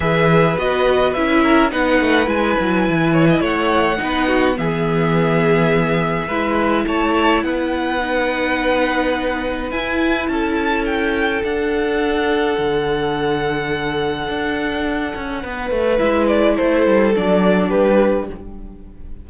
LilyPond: <<
  \new Staff \with { instrumentName = "violin" } { \time 4/4 \tempo 4 = 105 e''4 dis''4 e''4 fis''4 | gis''2 fis''2 | e''1 | a''4 fis''2.~ |
fis''4 gis''4 a''4 g''4 | fis''1~ | fis''1 | e''8 d''8 c''4 d''4 b'4 | }
  \new Staff \with { instrumentName = "violin" } { \time 4/4 b'2~ b'8 ais'8 b'4~ | b'4. cis''16 dis''16 cis''4 b'8 fis'8 | gis'2. b'4 | cis''4 b'2.~ |
b'2 a'2~ | a'1~ | a'2. b'4~ | b'4 a'2 g'4 | }
  \new Staff \with { instrumentName = "viola" } { \time 4/4 gis'4 fis'4 e'4 dis'4 | e'2. dis'4 | b2. e'4~ | e'2 dis'2~ |
dis'4 e'2. | d'1~ | d'1 | e'2 d'2 | }
  \new Staff \with { instrumentName = "cello" } { \time 4/4 e4 b4 cis'4 b8 a8 | gis8 fis8 e4 a4 b4 | e2. gis4 | a4 b2.~ |
b4 e'4 cis'2 | d'2 d2~ | d4 d'4. cis'8 b8 a8 | gis4 a8 g8 fis4 g4 | }
>>